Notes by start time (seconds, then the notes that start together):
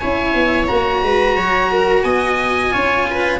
0.00 C#4 E4 C#5 G#5
0.35 B3
0.68 A#3 F#4 A#5
1.03 G#3 B4
1.36 F#3 C#5
1.72 A#4
2.04 B3 D#5 G#5
2.71 C#4 F4 C#5
3.11 B4